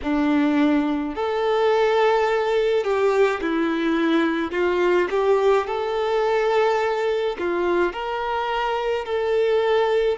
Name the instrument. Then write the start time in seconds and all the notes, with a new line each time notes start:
violin
0.02 D4
1.15 A4
2.84 G4
3.41 E4
4.51 F4
5.09 G4
5.66 A4
7.38 F4
7.92 A#4
9.05 A4